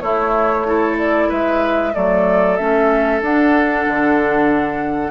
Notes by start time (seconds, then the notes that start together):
0.00 A3 E4 C#5
0.66 E4 A4
0.98 D5
1.29 G#3 B4 E5
1.93 F#3 A3 A4 D5
2.56 A3 C#4 E5
3.21 D4 F#5
3.87 D3